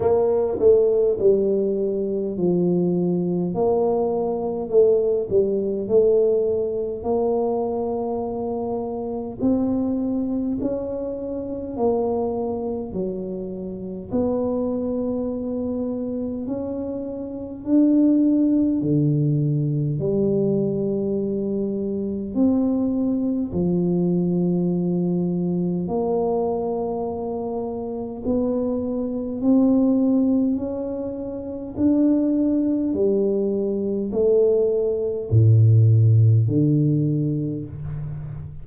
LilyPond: \new Staff \with { instrumentName = "tuba" } { \time 4/4 \tempo 4 = 51 ais8 a8 g4 f4 ais4 | a8 g8 a4 ais2 | c'4 cis'4 ais4 fis4 | b2 cis'4 d'4 |
d4 g2 c'4 | f2 ais2 | b4 c'4 cis'4 d'4 | g4 a4 a,4 d4 | }